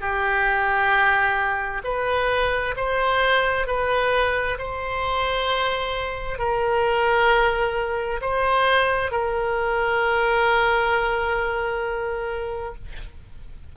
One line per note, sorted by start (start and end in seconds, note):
0.00 1.82 G4
1.84 2.75 B4
2.76 3.67 C5
3.67 4.57 B4
4.58 6.38 C5
6.38 8.20 A#4
8.21 9.11 C5
9.11 12.75 A#4